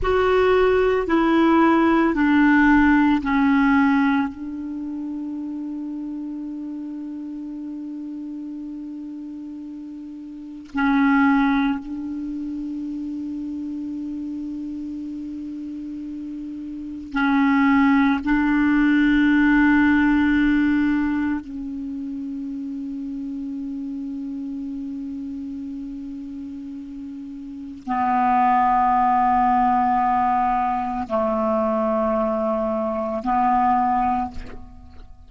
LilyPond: \new Staff \with { instrumentName = "clarinet" } { \time 4/4 \tempo 4 = 56 fis'4 e'4 d'4 cis'4 | d'1~ | d'2 cis'4 d'4~ | d'1 |
cis'4 d'2. | cis'1~ | cis'2 b2~ | b4 a2 b4 | }